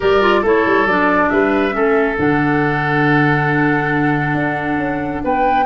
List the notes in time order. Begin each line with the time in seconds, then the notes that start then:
0.00 G3 G4 A#4 D5
0.21 F4
0.41 A3 E4 A4 C#5
0.66 G3
0.85 F#3 D4 D5
1.29 G3 B4 E5
1.71 A3 C#4 A4
2.17 D3 D4 F#5
4.34 D4
4.77 C#4
5.24 B3 B4 G5